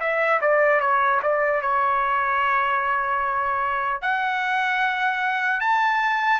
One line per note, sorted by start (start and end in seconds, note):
0.00 0.40 E5
0.41 0.80 D5
0.80 1.20 C#5
1.23 1.61 D5
1.61 4.01 C#5
4.01 5.60 F#5
5.60 6.40 A5